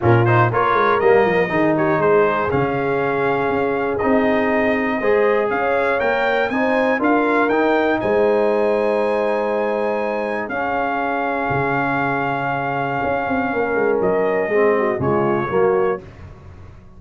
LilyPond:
<<
  \new Staff \with { instrumentName = "trumpet" } { \time 4/4 \tempo 4 = 120 ais'8 c''8 cis''4 dis''4. cis''8 | c''4 f''2. | dis''2. f''4 | g''4 gis''4 f''4 g''4 |
gis''1~ | gis''4 f''2.~ | f''1 | dis''2 cis''2 | }
  \new Staff \with { instrumentName = "horn" } { \time 4/4 f'4 ais'2 gis'8 g'8 | gis'1~ | gis'2 c''4 cis''4~ | cis''4 c''4 ais'2 |
c''1~ | c''4 gis'2.~ | gis'2. ais'4~ | ais'4 gis'8 fis'8 f'4 fis'4 | }
  \new Staff \with { instrumentName = "trombone" } { \time 4/4 cis'8 dis'8 f'4 ais4 dis'4~ | dis'4 cis'2. | dis'2 gis'2 | ais'4 dis'4 f'4 dis'4~ |
dis'1~ | dis'4 cis'2.~ | cis'1~ | cis'4 c'4 gis4 ais4 | }
  \new Staff \with { instrumentName = "tuba" } { \time 4/4 ais,4 ais8 gis8 g8 f8 dis4 | gis4 cis2 cis'4 | c'2 gis4 cis'4 | ais4 c'4 d'4 dis'4 |
gis1~ | gis4 cis'2 cis4~ | cis2 cis'8 c'8 ais8 gis8 | fis4 gis4 cis4 fis4 | }
>>